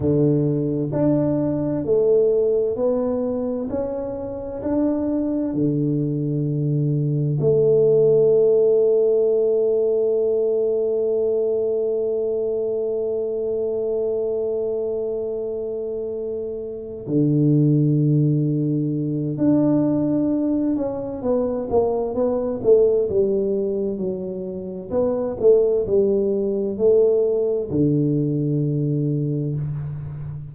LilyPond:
\new Staff \with { instrumentName = "tuba" } { \time 4/4 \tempo 4 = 65 d4 d'4 a4 b4 | cis'4 d'4 d2 | a1~ | a1~ |
a2~ a8 d4.~ | d4 d'4. cis'8 b8 ais8 | b8 a8 g4 fis4 b8 a8 | g4 a4 d2 | }